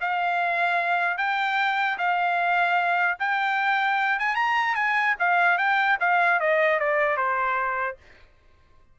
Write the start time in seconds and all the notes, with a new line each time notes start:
0.00 F5
1.17 G5
1.98 F5
3.19 G5
4.19 G#5
4.35 A#5
4.75 G#5
5.19 F5
5.58 G5
6.00 F5
6.40 D#5
6.79 D5
7.17 C5